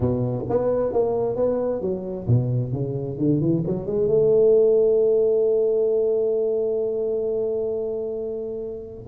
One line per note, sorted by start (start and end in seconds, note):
0.00 0.45 B2
0.49 0.92 B3
0.92 1.36 A#3
1.36 1.81 B3
1.81 2.26 F#3
2.27 2.72 B2
2.72 3.18 C#3
3.18 3.40 D3
3.40 3.63 E3
3.66 3.86 F#3
3.86 4.07 G#3
4.07 9.07 A3